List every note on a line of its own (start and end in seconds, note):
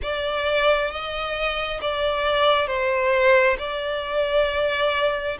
0.02 0.90 D5
0.90 1.80 D#5
1.81 2.67 D5
2.67 3.57 C5
3.58 5.37 D5